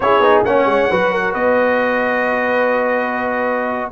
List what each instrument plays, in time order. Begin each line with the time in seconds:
0.00 tuba C#4, trombone E4, horn G#4, trumpet C#5
0.19 tuba B3, trombone D#4
0.43 tuba A#3, trombone C#4, horn C#5, trumpet F#5
0.65 tuba G#3
0.90 tuba F#3, trombone F#4, horn B4
1.12 horn A#4
1.32 tuba B3, horn B4, trumpet D#5